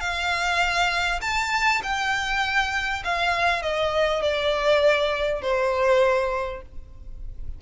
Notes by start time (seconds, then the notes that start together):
0.00 F5
1.21 A5
1.83 G5
3.04 F5
3.62 D#5
4.21 D5
5.41 C5